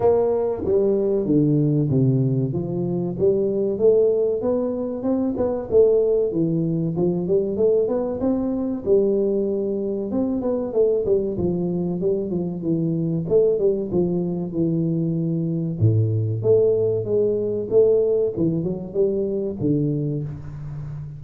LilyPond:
\new Staff \with { instrumentName = "tuba" } { \time 4/4 \tempo 4 = 95 ais4 g4 d4 c4 | f4 g4 a4 b4 | c'8 b8 a4 e4 f8 g8 | a8 b8 c'4 g2 |
c'8 b8 a8 g8 f4 g8 f8 | e4 a8 g8 f4 e4~ | e4 a,4 a4 gis4 | a4 e8 fis8 g4 d4 | }